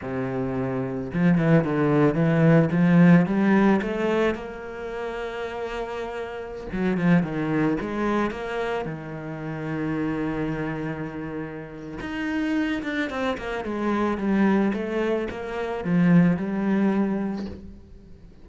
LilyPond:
\new Staff \with { instrumentName = "cello" } { \time 4/4 \tempo 4 = 110 c2 f8 e8 d4 | e4 f4 g4 a4 | ais1~ | ais16 fis8 f8 dis4 gis4 ais8.~ |
ais16 dis2.~ dis8.~ | dis2 dis'4. d'8 | c'8 ais8 gis4 g4 a4 | ais4 f4 g2 | }